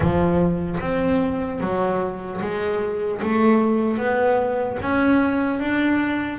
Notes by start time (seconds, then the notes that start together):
0.00 F3
0.80 C4
1.60 F#3
2.41 G#3
3.21 A3
3.97 B3
4.81 C#4
5.59 D4